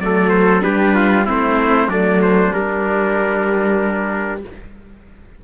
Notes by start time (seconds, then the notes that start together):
0.00 F#3 A3 A4 D5
0.30 C5
0.61 G3 D4 G4 B4
0.95 F4
1.26 A3 C4 E4 C5
1.88 F#3 A3 D4 D5
2.22 C5
2.53 G3 A#4